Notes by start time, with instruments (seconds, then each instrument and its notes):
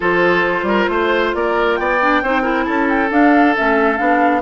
0.00 bassoon F3, clarinet F4, oboe A4, flute C5
0.62 bassoon G3, oboe A#4
0.89 bassoon A3, oboe C5
1.34 bassoon A#3, oboe A#4, flute D5
1.75 bassoon B3, oboe D5, flute G5
2.00 clarinet D4
2.22 bassoon C4, clarinet D#4, oboe C5
2.42 clarinet E4, oboe A#4
2.64 bassoon C#4, oboe A4, flute A5
2.89 flute G5
3.10 clarinet D4, bassoon D4, flute F5
3.56 bassoon A3, clarinet C#4, flute E5
3.97 bassoon B3, clarinet D4, flute F5